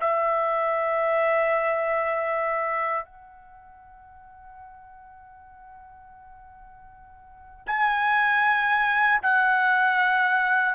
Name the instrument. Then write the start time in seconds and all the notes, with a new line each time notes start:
trumpet
0.00 E5
3.05 F#5
7.66 G#5
9.22 F#5